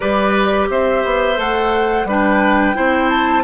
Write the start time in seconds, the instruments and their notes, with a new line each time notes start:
0.00 bassoon G3, clarinet G4, oboe B4, flute D5
0.69 bassoon C4, oboe C5, flute E5
1.04 bassoon B3
1.36 bassoon A3, clarinet A4, flute F#5
2.05 bassoon G3, clarinet D4, oboe B4, flute G5
2.74 bassoon C4, clarinet E4, oboe C5
3.09 flute A5